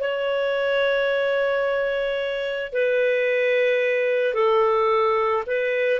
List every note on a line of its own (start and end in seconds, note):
0.00 2.73 C#5
2.73 4.34 B4
4.34 5.43 A4
5.47 6.00 B4